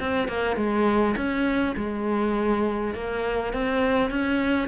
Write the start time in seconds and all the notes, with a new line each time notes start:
0.00 C4
0.28 A#3
0.57 G#3
1.17 C#4
1.77 G#3
2.95 A#3
3.53 C4
4.11 C#4